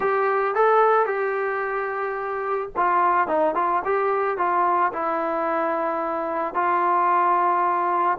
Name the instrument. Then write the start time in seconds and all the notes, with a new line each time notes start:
trombone
0.00 G4
0.55 A4
1.06 G4
2.76 F4
3.27 D#4
3.55 F4
3.85 G4
4.37 F4
4.92 E4
6.54 F4